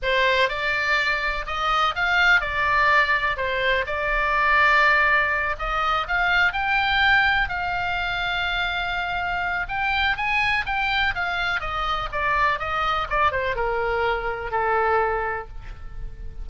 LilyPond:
\new Staff \with { instrumentName = "oboe" } { \time 4/4 \tempo 4 = 124 c''4 d''2 dis''4 | f''4 d''2 c''4 | d''2.~ d''8 dis''8~ | dis''8 f''4 g''2 f''8~ |
f''1 | g''4 gis''4 g''4 f''4 | dis''4 d''4 dis''4 d''8 c''8 | ais'2 a'2 | }